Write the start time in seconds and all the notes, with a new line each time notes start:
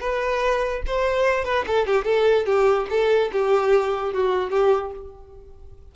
0.00 B4
0.86 C5
1.44 B4
1.67 A4
1.86 G4
2.05 A4
2.46 G4
2.90 A4
3.32 G4
4.13 F#4
4.50 G4